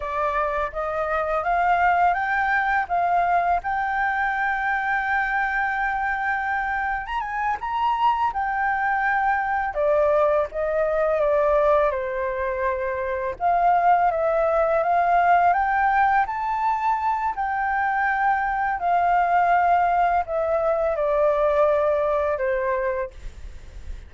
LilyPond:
\new Staff \with { instrumentName = "flute" } { \time 4/4 \tempo 4 = 83 d''4 dis''4 f''4 g''4 | f''4 g''2.~ | g''4.~ g''16 ais''16 gis''8 ais''4 g''8~ | g''4. d''4 dis''4 d''8~ |
d''8 c''2 f''4 e''8~ | e''8 f''4 g''4 a''4. | g''2 f''2 | e''4 d''2 c''4 | }